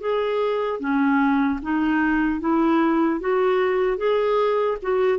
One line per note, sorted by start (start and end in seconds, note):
0.00 0.80 G#4
0.80 1.60 C#4
1.62 2.40 D#4
2.40 3.20 E4
3.20 3.97 F#4
3.97 4.77 G#4
4.82 5.19 F#4